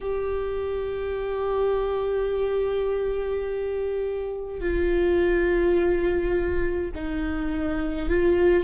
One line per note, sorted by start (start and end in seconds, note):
0.00 4.60 G4
4.60 6.91 F4
6.94 8.09 D#4
8.09 8.64 F4